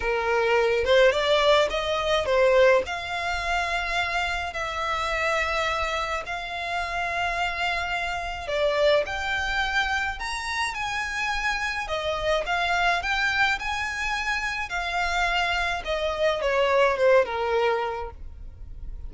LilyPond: \new Staff \with { instrumentName = "violin" } { \time 4/4 \tempo 4 = 106 ais'4. c''8 d''4 dis''4 | c''4 f''2. | e''2. f''4~ | f''2. d''4 |
g''2 ais''4 gis''4~ | gis''4 dis''4 f''4 g''4 | gis''2 f''2 | dis''4 cis''4 c''8 ais'4. | }